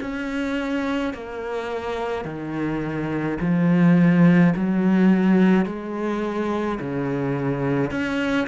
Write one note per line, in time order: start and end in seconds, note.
0.00 1.13 C#4
1.13 2.25 A#3
2.25 3.38 D#3
3.40 4.53 F3
4.55 5.66 F#3
5.66 6.79 G#3
6.80 7.90 C#3
7.90 8.47 C#4